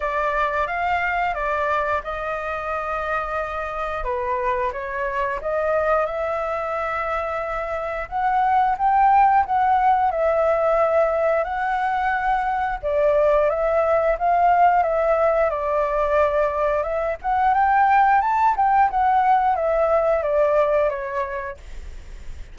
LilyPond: \new Staff \with { instrumentName = "flute" } { \time 4/4 \tempo 4 = 89 d''4 f''4 d''4 dis''4~ | dis''2 b'4 cis''4 | dis''4 e''2. | fis''4 g''4 fis''4 e''4~ |
e''4 fis''2 d''4 | e''4 f''4 e''4 d''4~ | d''4 e''8 fis''8 g''4 a''8 g''8 | fis''4 e''4 d''4 cis''4 | }